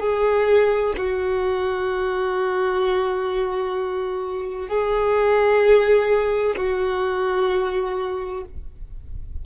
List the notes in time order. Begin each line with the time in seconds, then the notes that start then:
0.00 G#4
0.97 F#4
4.69 G#4
6.57 F#4